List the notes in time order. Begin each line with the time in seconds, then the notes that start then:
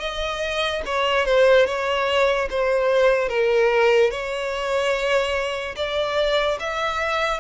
0.00 D#5
0.86 C#5
1.26 C5
1.66 C#5
2.50 C5
3.29 A#4
4.11 C#5
5.76 D5
6.60 E5